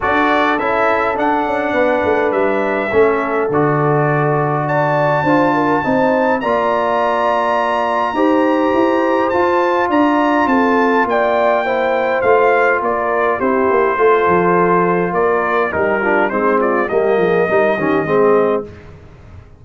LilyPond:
<<
  \new Staff \with { instrumentName = "trumpet" } { \time 4/4 \tempo 4 = 103 d''4 e''4 fis''2 | e''2 d''2 | a''2. ais''4~ | ais''1 |
a''4 ais''4 a''4 g''4~ | g''4 f''4 d''4 c''4~ | c''2 d''4 ais'4 | c''8 d''8 dis''2. | }
  \new Staff \with { instrumentName = "horn" } { \time 4/4 a'2. b'4~ | b'4 a'2. | d''4 c''8 ais'8 c''4 d''4~ | d''2 c''2~ |
c''4 d''4 a'4 d''4 | c''2 ais'4 g'4 | a'2 ais'4 g'8 f'8 | dis'8 f'8 g'8 gis'8 ais'8 g'8 gis'4 | }
  \new Staff \with { instrumentName = "trombone" } { \time 4/4 fis'4 e'4 d'2~ | d'4 cis'4 fis'2~ | fis'4 f'4 dis'4 f'4~ | f'2 g'2 |
f'1 | e'4 f'2 e'4 | f'2. dis'8 d'8 | c'4 ais4 dis'8 cis'8 c'4 | }
  \new Staff \with { instrumentName = "tuba" } { \time 4/4 d'4 cis'4 d'8 cis'8 b8 a8 | g4 a4 d2~ | d4 d'4 c'4 ais4~ | ais2 dis'4 e'4 |
f'4 d'4 c'4 ais4~ | ais4 a4 ais4 c'8 ais8 | a8 f4. ais4 g4 | gis4 g8 f8 g8 dis8 gis4 | }
>>